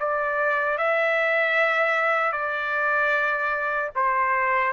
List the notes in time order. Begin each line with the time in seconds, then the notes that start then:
0.00 D5
0.78 E5
2.33 D5
3.95 C5